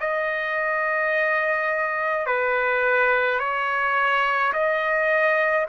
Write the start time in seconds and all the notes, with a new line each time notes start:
0.00 D#5
2.26 B4
3.39 C#5
4.53 D#5